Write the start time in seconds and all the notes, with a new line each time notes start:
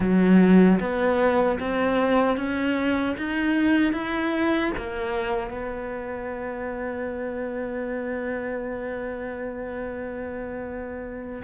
0.00 F#3
0.79 B3
1.59 C4
2.36 C#4
3.17 D#4
3.92 E4
4.77 A#3
5.50 B3